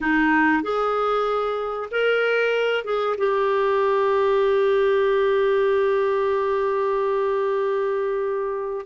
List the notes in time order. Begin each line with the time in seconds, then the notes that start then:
0.01 D#4
0.63 G#4
1.91 A#4
2.84 G#4
3.18 G4